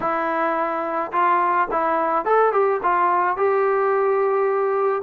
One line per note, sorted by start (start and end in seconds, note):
0.00 1.11 E4
1.12 1.68 F4
1.71 2.25 E4
2.25 2.52 A4
2.52 2.80 G4
2.82 3.36 F4
3.36 5.02 G4